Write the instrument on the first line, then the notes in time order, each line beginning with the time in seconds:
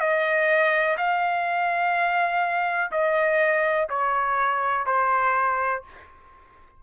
trumpet
0.00 D#5
0.98 F5
2.92 D#5
3.90 C#5
4.87 C5